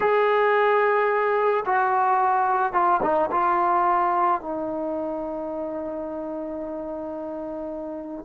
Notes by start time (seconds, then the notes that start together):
0.00 G#4
1.65 F#4
2.72 F4
3.02 D#4
3.31 F4
4.41 D#4